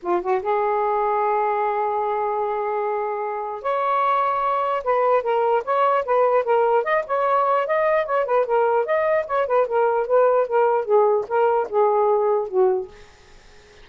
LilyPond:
\new Staff \with { instrumentName = "saxophone" } { \time 4/4 \tempo 4 = 149 f'8 fis'8 gis'2.~ | gis'1~ | gis'4 cis''2. | b'4 ais'4 cis''4 b'4 |
ais'4 dis''8 cis''4. dis''4 | cis''8 b'8 ais'4 dis''4 cis''8 b'8 | ais'4 b'4 ais'4 gis'4 | ais'4 gis'2 fis'4 | }